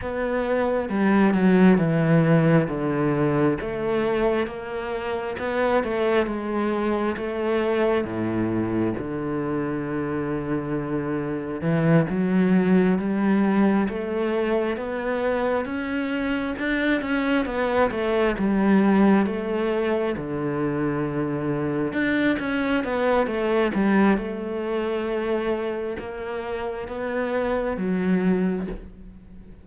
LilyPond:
\new Staff \with { instrumentName = "cello" } { \time 4/4 \tempo 4 = 67 b4 g8 fis8 e4 d4 | a4 ais4 b8 a8 gis4 | a4 a,4 d2~ | d4 e8 fis4 g4 a8~ |
a8 b4 cis'4 d'8 cis'8 b8 | a8 g4 a4 d4.~ | d8 d'8 cis'8 b8 a8 g8 a4~ | a4 ais4 b4 fis4 | }